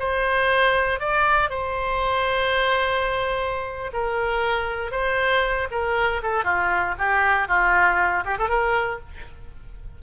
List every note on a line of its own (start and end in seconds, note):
0.00 1.00 C5
1.00 1.50 D5
1.50 3.92 C5
3.94 4.92 A#4
4.92 5.68 C5
5.72 6.22 A#4
6.23 6.45 A4
6.45 6.95 F4
6.99 7.48 G4
7.48 8.24 F4
8.26 8.38 G4
8.39 8.49 A4
8.49 9.00 A#4